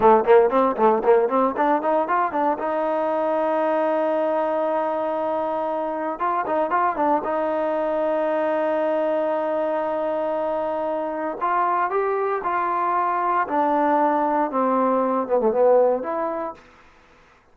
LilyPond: \new Staff \with { instrumentName = "trombone" } { \time 4/4 \tempo 4 = 116 a8 ais8 c'8 a8 ais8 c'8 d'8 dis'8 | f'8 d'8 dis'2.~ | dis'1 | f'8 dis'8 f'8 d'8 dis'2~ |
dis'1~ | dis'2 f'4 g'4 | f'2 d'2 | c'4. b16 a16 b4 e'4 | }